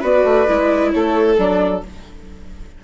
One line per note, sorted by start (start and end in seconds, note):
0.00 0.24 B3
0.00 0.47 F#4
0.00 0.90 B4
0.00 0.91 D5
0.24 0.46 A3
0.47 0.94 G#3
0.47 1.37 E4
0.91 1.37 A3
0.91 1.84 A4
0.91 1.36 C#5
1.37 1.82 F#3
1.37 1.83 D4
1.37 1.83 D5